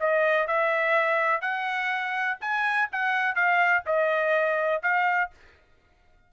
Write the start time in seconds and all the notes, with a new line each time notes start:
0.00 D#5
0.47 E5
1.41 F#5
2.41 G#5
2.92 F#5
3.35 F5
3.86 D#5
4.83 F5